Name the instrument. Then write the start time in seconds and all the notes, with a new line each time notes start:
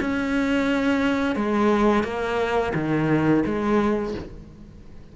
cello
0.00 C#4
1.35 G#3
2.03 A#3
2.74 D#3
3.45 G#3